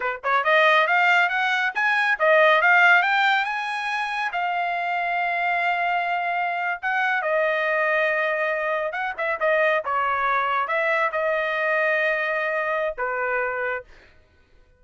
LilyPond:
\new Staff \with { instrumentName = "trumpet" } { \time 4/4 \tempo 4 = 139 b'8 cis''8 dis''4 f''4 fis''4 | gis''4 dis''4 f''4 g''4 | gis''2 f''2~ | f''2.~ f''8. fis''16~ |
fis''8. dis''2.~ dis''16~ | dis''8. fis''8 e''8 dis''4 cis''4~ cis''16~ | cis''8. e''4 dis''2~ dis''16~ | dis''2 b'2 | }